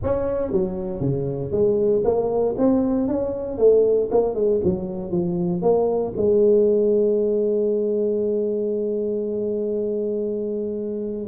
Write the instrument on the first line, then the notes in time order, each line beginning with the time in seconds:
tuba
0.03 C#4
0.51 F#3
1.00 C#3
1.51 G#3
2.04 A#3
2.58 C4
3.07 C#4
3.58 A3
4.11 A#3
4.34 G#3
4.64 F#3
5.11 F3
5.62 A#3
6.17 G#3